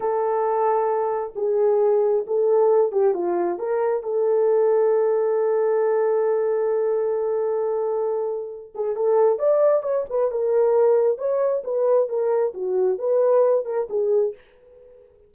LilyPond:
\new Staff \with { instrumentName = "horn" } { \time 4/4 \tempo 4 = 134 a'2. gis'4~ | gis'4 a'4. g'8 f'4 | ais'4 a'2.~ | a'1~ |
a'2.~ a'8 gis'8 | a'4 d''4 cis''8 b'8 ais'4~ | ais'4 cis''4 b'4 ais'4 | fis'4 b'4. ais'8 gis'4 | }